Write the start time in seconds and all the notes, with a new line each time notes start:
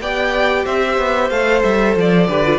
0.00 B3 G4 D5 G5
0.64 C4 C5 E5
0.98 B3
1.29 A3 A4 F5
1.62 G3 E5
1.96 F3 D5
2.27 D3 G4 B4
2.44 F4